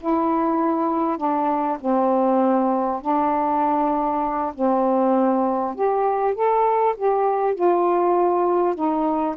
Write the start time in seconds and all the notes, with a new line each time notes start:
0.00 E4
1.17 D4
1.80 C4
3.01 D4
4.55 C4
5.75 G4
6.34 A4
6.96 G4
7.54 F4
8.75 D#4